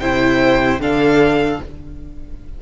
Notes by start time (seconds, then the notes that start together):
0.00 C3 E4 C5 G5
0.80 D3 D4 A4 F5